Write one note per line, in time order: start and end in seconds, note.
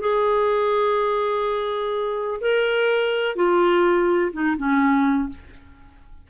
0.00 2.40 G#4
2.40 3.35 A#4
3.35 4.31 F4
4.32 4.56 D#4
4.57 5.29 C#4